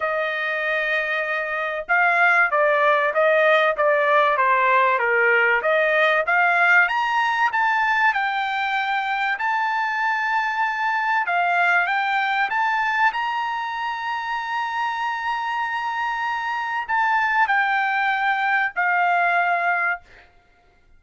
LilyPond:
\new Staff \with { instrumentName = "trumpet" } { \time 4/4 \tempo 4 = 96 dis''2. f''4 | d''4 dis''4 d''4 c''4 | ais'4 dis''4 f''4 ais''4 | a''4 g''2 a''4~ |
a''2 f''4 g''4 | a''4 ais''2.~ | ais''2. a''4 | g''2 f''2 | }